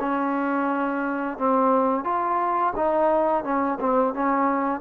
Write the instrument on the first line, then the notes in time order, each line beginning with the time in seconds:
trombone
0.00 C#4
1.38 C4
2.05 F4
2.76 D#4
3.44 C#4
3.81 C4
4.14 C#4